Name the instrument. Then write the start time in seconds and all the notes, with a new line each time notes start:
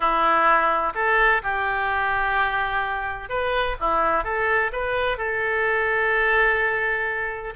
oboe
0.00 E4
0.94 A4
1.42 G4
3.29 B4
3.79 E4
4.23 A4
4.72 B4
5.17 A4